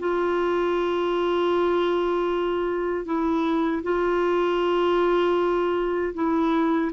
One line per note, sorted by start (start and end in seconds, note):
0.00 3.06 F4
3.06 3.83 E4
3.84 6.14 F4
6.15 6.92 E4